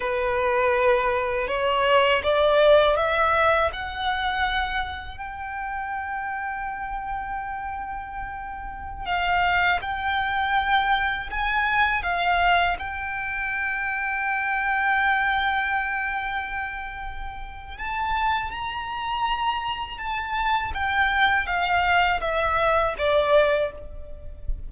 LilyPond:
\new Staff \with { instrumentName = "violin" } { \time 4/4 \tempo 4 = 81 b'2 cis''4 d''4 | e''4 fis''2 g''4~ | g''1~ | g''16 f''4 g''2 gis''8.~ |
gis''16 f''4 g''2~ g''8.~ | g''1 | a''4 ais''2 a''4 | g''4 f''4 e''4 d''4 | }